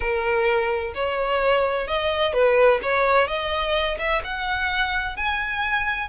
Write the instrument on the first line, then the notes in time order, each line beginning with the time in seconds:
violin
0.00 A#4
0.94 C#5
1.87 D#5
2.33 B4
2.82 C#5
3.27 D#5
3.98 E5
4.24 F#5
5.16 G#5